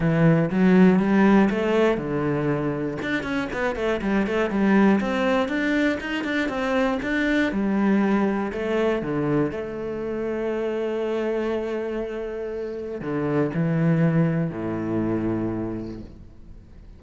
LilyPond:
\new Staff \with { instrumentName = "cello" } { \time 4/4 \tempo 4 = 120 e4 fis4 g4 a4 | d2 d'8 cis'8 b8 a8 | g8 a8 g4 c'4 d'4 | dis'8 d'8 c'4 d'4 g4~ |
g4 a4 d4 a4~ | a1~ | a2 d4 e4~ | e4 a,2. | }